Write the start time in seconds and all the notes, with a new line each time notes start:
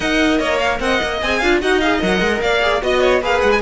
0.00 D#4 A#4 D#5 F#5
0.38 A#3 C#5 D#5
0.58 F5
0.80 C4 D#5 F#5
1.02 A#3
1.21 C4 G#4 G#5
1.38 D4 F4 F5
1.61 D#4 F#4 D#5 F#5
1.80 G#4 F5
2.00 F#3 A#4 F#5
2.20 G#3
2.41 A#3 D5 F5
2.61 G#4
2.81 B3 F#4 D#5
3.01 C#5
3.21 A#3 G#4 B4 F5
3.41 G#3 F#5
3.51 G#5